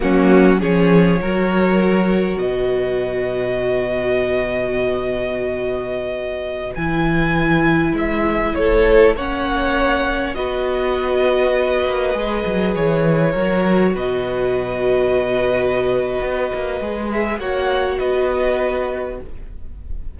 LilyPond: <<
  \new Staff \with { instrumentName = "violin" } { \time 4/4 \tempo 4 = 100 fis'4 cis''2. | dis''1~ | dis''2.~ dis''16 gis''8.~ | gis''4~ gis''16 e''4 cis''4 fis''8.~ |
fis''4~ fis''16 dis''2~ dis''8.~ | dis''4~ dis''16 cis''2 dis''8.~ | dis''1~ | dis''8 e''8 fis''4 dis''2 | }
  \new Staff \with { instrumentName = "violin" } { \time 4/4 cis'4 gis'4 ais'2 | b'1~ | b'1~ | b'2~ b'16 a'4 cis''8.~ |
cis''4~ cis''16 b'2~ b'8.~ | b'2~ b'16 ais'4 b'8.~ | b'1~ | b'4 cis''4 b'2 | }
  \new Staff \with { instrumentName = "viola" } { \time 4/4 ais4 cis'4 fis'2~ | fis'1~ | fis'2.~ fis'16 e'8.~ | e'2.~ e'16 cis'8.~ |
cis'4~ cis'16 fis'2~ fis'8.~ | fis'16 gis'2 fis'4.~ fis'16~ | fis'1 | gis'4 fis'2. | }
  \new Staff \with { instrumentName = "cello" } { \time 4/4 fis4 f4 fis2 | b,1~ | b,2.~ b,16 e8.~ | e4~ e16 gis4 a4 ais8.~ |
ais4~ ais16 b2~ b8 ais16~ | ais16 gis8 fis8 e4 fis4 b,8.~ | b,2. b8 ais8 | gis4 ais4 b2 | }
>>